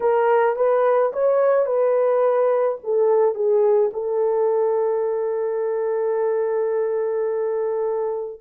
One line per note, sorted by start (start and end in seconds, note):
0.00 0.56 A#4
0.56 1.12 B4
1.12 1.65 C#5
1.65 2.78 B4
2.83 3.34 A4
3.34 3.90 G#4
3.93 8.41 A4